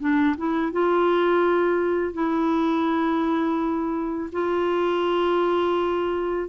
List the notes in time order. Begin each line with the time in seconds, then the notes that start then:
0.00 D4
0.37 E4
0.72 F4
2.13 E4
4.32 F4